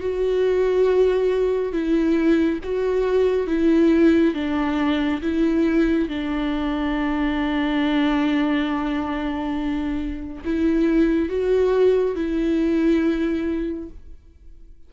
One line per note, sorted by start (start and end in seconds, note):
0.00 1.72 F#4
1.72 2.59 E4
2.63 3.47 F#4
3.47 4.34 E4
4.34 5.21 D4
5.21 6.08 E4
6.08 10.43 D4
10.44 11.29 E4
11.29 12.15 F#4
12.15 13.89 E4